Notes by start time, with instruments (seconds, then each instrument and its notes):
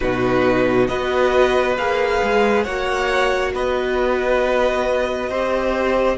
0.00 cello B2, viola D#4, violin F#4 B4
0.87 cello B3, viola F#4, violin B4 D#5
1.77 cello A#3, viola G#4, violin F5
2.22 cello G#3
2.63 cello A#3, viola F#4, violin C#5 F#5
3.54 cello B3, violin B4 D#5
5.29 cello C4, viola G4, violin C5